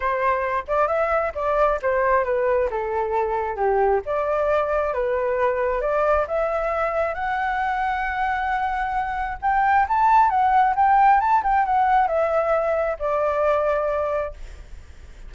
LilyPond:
\new Staff \with { instrumentName = "flute" } { \time 4/4 \tempo 4 = 134 c''4. d''8 e''4 d''4 | c''4 b'4 a'2 | g'4 d''2 b'4~ | b'4 d''4 e''2 |
fis''1~ | fis''4 g''4 a''4 fis''4 | g''4 a''8 g''8 fis''4 e''4~ | e''4 d''2. | }